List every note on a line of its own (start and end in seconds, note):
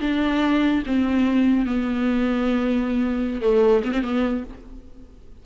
0.00 0.83 D4
0.86 1.66 C4
1.66 3.41 B3
3.41 3.83 A3
3.84 3.92 B3
3.92 4.02 C4
4.02 4.44 B3